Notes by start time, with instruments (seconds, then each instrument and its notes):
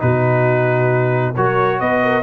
0.00 tuba B2, trombone D#4, horn F#4, trumpet B4
1.36 tuba F#3, trombone F#4, horn A#4, trumpet C#5
1.80 tuba B3, horn B4, trumpet D#5
2.03 horn A#4